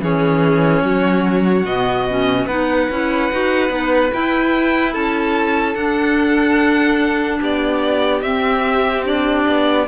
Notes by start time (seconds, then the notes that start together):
0.00 E3 C#4 G#4 C#5
0.82 F#3 F#4
1.65 B2 B3 D#5
2.09 C#4
2.46 B3 D#4 B4 F#5
2.90 C#4 E4
3.32 D#4 F#4
3.68 B3 D#4
4.12 E4 G5
4.92 C#4 A4 A5
5.74 D4 F#5
7.40 B3 G4 D5
8.22 C4 E5
9.04 D4 D5
9.47 B3